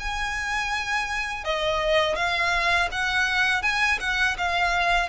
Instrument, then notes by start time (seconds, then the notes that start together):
violin
0.00 G#5
1.45 D#5
2.16 F5
2.92 F#5
3.63 G#5
4.00 F#5
4.38 F5